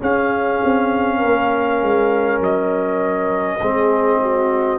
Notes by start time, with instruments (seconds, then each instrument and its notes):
0.00 trombone C#4, tuba C#4, horn G#4, trumpet F5
0.65 tuba C4
1.18 tuba A#3, horn A#4
1.83 tuba G#3
2.40 tuba F#3, trumpet D#5
3.60 tuba G#3, trombone C4, horn G#4
4.22 horn F#4